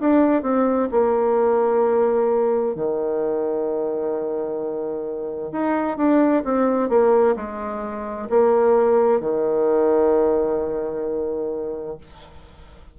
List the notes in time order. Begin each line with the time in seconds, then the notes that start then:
0.00 D4
0.42 C4
0.91 A#3
2.75 D#3
5.52 D#4
5.97 D4
6.44 C4
6.89 A#3
7.36 G#3
8.29 A#3
9.20 D#3